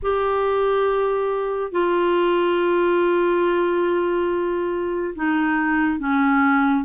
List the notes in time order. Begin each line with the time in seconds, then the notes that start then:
0.02 G4
1.71 F4
5.15 D#4
5.99 C#4